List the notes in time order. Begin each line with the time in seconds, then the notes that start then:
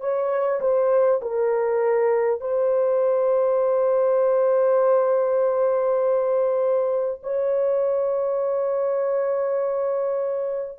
0.00 C#5
0.61 C5
1.21 A#4
2.40 C5
7.23 C#5